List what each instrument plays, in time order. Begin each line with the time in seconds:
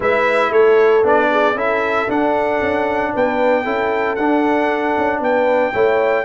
0.00 tuba G#3, trombone E4, horn B4, trumpet E5
0.51 tuba A3, horn A4, trumpet C#5
1.02 tuba B3, trombone D4, trumpet D5
1.31 horn G#4
1.54 tuba C#4, trombone E4, horn A4, trumpet E5
2.08 tuba D4, trombone D4, trumpet F#5
2.61 tuba C#4
3.13 tuba B3, horn B4, trumpet G5
3.63 tuba C#4, trombone E4, horn A4
4.15 tuba D4, trombone D4, trumpet F#5
4.97 tuba C#4
5.20 tuba B3, horn B4, trumpet G5
5.72 tuba A3, trombone E4, horn C#5